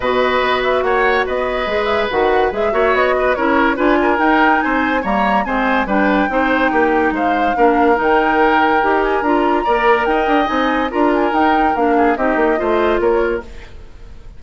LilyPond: <<
  \new Staff \with { instrumentName = "flute" } { \time 4/4 \tempo 4 = 143 dis''4. e''8 fis''4 dis''4~ | dis''8 e''8 fis''4 e''4 dis''4 | cis''4 gis''4 g''4 gis''4 | ais''4 gis''4 g''2~ |
g''4 f''2 g''4~ | g''4. gis''8 ais''2 | g''4 gis''4 ais''8 gis''8 g''4 | f''4 dis''2 cis''4 | }
  \new Staff \with { instrumentName = "oboe" } { \time 4/4 b'2 cis''4 b'4~ | b'2~ b'8 cis''4 b'8 | ais'4 b'8 ais'4. c''4 | cis''4 c''4 b'4 c''4 |
g'4 c''4 ais'2~ | ais'2. d''4 | dis''2 ais'2~ | ais'8 gis'8 g'4 c''4 ais'4 | }
  \new Staff \with { instrumentName = "clarinet" } { \time 4/4 fis'1 | gis'4 fis'4 gis'8 fis'4. | e'4 f'4 dis'2 | ais4 c'4 d'4 dis'4~ |
dis'2 d'4 dis'4~ | dis'4 g'4 f'4 ais'4~ | ais'4 dis'4 f'4 dis'4 | d'4 dis'4 f'2 | }
  \new Staff \with { instrumentName = "bassoon" } { \time 4/4 b,4 b4 ais4 b4 | gis4 dis4 gis8 ais8 b4 | cis'4 d'4 dis'4 c'4 | g4 gis4 g4 c'4 |
ais4 gis4 ais4 dis4~ | dis4 dis'4 d'4 ais4 | dis'8 d'8 c'4 d'4 dis'4 | ais4 c'8 ais8 a4 ais4 | }
>>